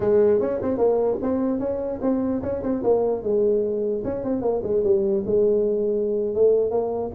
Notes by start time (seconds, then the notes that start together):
0.00 G#3
0.40 C#4
0.62 C4
0.77 A#3
1.22 C4
1.59 C#4
2.01 C4
2.42 C#4
2.62 C4
2.83 A#3
3.22 G#3
4.04 C#4
4.24 C4
4.41 A#3
4.63 G#3
4.83 G3
5.26 G#3
6.34 A3
6.70 A#3